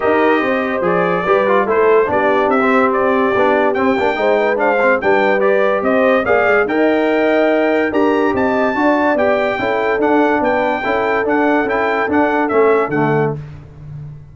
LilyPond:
<<
  \new Staff \with { instrumentName = "trumpet" } { \time 4/4 \tempo 4 = 144 dis''2 d''2 | c''4 d''4 e''4 d''4~ | d''4 g''2 f''4 | g''4 d''4 dis''4 f''4 |
g''2. ais''4 | a''2 g''2 | fis''4 g''2 fis''4 | g''4 fis''4 e''4 fis''4 | }
  \new Staff \with { instrumentName = "horn" } { \time 4/4 ais'4 c''2 b'4 | a'4 g'2.~ | g'2 c''8 b'8 c''4 | b'2 c''4 d''4 |
dis''2. ais'4 | dis''4 d''2 a'4~ | a'4 b'4 a'2~ | a'1 | }
  \new Staff \with { instrumentName = "trombone" } { \time 4/4 g'2 gis'4 g'8 f'8 | e'4 d'4~ d'16 c'4.~ c'16 | d'4 c'8 d'8 dis'4 d'8 c'8 | d'4 g'2 gis'4 |
ais'2. g'4~ | g'4 fis'4 g'4 e'4 | d'2 e'4 d'4 | e'4 d'4 cis'4 a4 | }
  \new Staff \with { instrumentName = "tuba" } { \time 4/4 dis'4 c'4 f4 g4 | a4 b4 c'2 | b4 c'8 ais8 gis2 | g2 c'4 ais8 gis8 |
dis'2. d'4 | c'4 d'4 b4 cis'4 | d'4 b4 cis'4 d'4 | cis'4 d'4 a4 d4 | }
>>